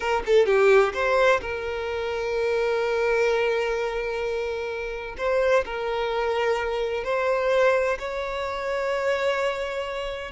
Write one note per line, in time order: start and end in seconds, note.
0.00 0.22 A#4
0.26 0.45 A4
0.45 0.92 G4
0.93 1.40 C5
1.40 5.15 A#4
5.17 5.64 C5
5.65 7.04 A#4
7.04 7.98 C5
7.98 10.31 C#5